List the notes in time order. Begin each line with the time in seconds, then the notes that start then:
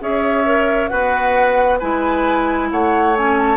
0.00 C#4 G#4 C#5 E5
0.46 A#4
0.89 B3 F#4 B4 F#5
1.79 G#3 E4 B4 G#5
2.72 A3 C#5 F#5
3.17 C#4 G#5
3.40 A5